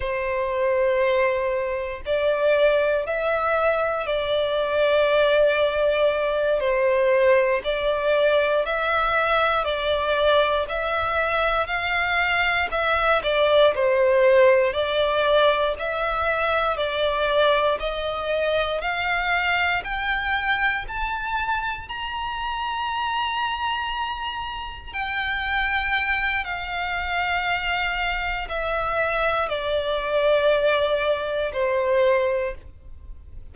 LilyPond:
\new Staff \with { instrumentName = "violin" } { \time 4/4 \tempo 4 = 59 c''2 d''4 e''4 | d''2~ d''8 c''4 d''8~ | d''8 e''4 d''4 e''4 f''8~ | f''8 e''8 d''8 c''4 d''4 e''8~ |
e''8 d''4 dis''4 f''4 g''8~ | g''8 a''4 ais''2~ ais''8~ | ais''8 g''4. f''2 | e''4 d''2 c''4 | }